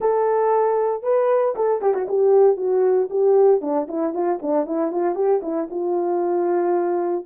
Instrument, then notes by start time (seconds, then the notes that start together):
horn
0.00 A4
1.03 B4
1.55 A4
1.81 G4
1.93 F#4
2.08 G4
2.57 F#4
3.10 G4
3.61 D4
3.88 E4
4.13 F4
4.42 D4
4.66 E4
4.91 F4
5.15 G4
5.42 E4
5.70 F4